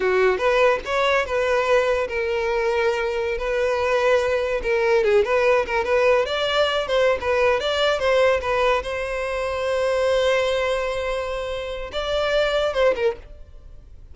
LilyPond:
\new Staff \with { instrumentName = "violin" } { \time 4/4 \tempo 4 = 146 fis'4 b'4 cis''4 b'4~ | b'4 ais'2.~ | ais'16 b'2. ais'8.~ | ais'16 gis'8 b'4 ais'8 b'4 d''8.~ |
d''8. c''8. b'4 d''4 c''8~ | c''8 b'4 c''2~ c''8~ | c''1~ | c''4 d''2 c''8 ais'8 | }